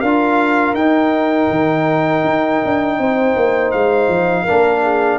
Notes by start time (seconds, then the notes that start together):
0.00 D4 F4 A#4 F5
0.74 D#4 G5
1.50 D#3
2.24 D#4
2.65 D4
2.98 C4 C5
3.36 A#3
3.71 G#3 F5
4.08 F3
4.44 D4 A#4
4.50 A#3
4.81 G#4